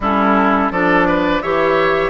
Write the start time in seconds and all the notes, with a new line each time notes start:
0.00 G3 C#4 E4 A4
0.70 F3 D4 A4 D5
1.07 B4
1.42 E3 G4 C#5 E5